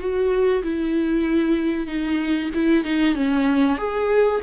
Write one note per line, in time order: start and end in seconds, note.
0.00 0.63 F#4
0.63 1.87 E4
1.87 2.50 D#4
2.54 2.84 E4
2.84 3.15 D#4
3.15 3.78 C#4
3.78 4.41 G#4